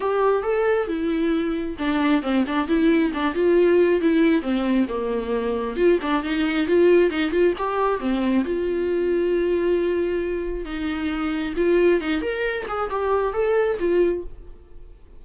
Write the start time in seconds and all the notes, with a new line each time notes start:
0.00 G4
0.43 A4
0.87 E4
1.78 D4
2.22 C4
2.47 D4
2.67 E4
3.13 D4
3.34 F4
4.01 E4
4.42 C4
4.88 A#3
5.76 F4
6.01 D4
6.23 D#4
6.67 F4
7.10 D#4
7.31 F4
7.58 G4
8.00 C4
8.44 F4
10.65 D#4
11.56 F4
12.01 D#4
12.21 A#4
12.68 G#4
12.89 G4
13.33 A4
13.79 F4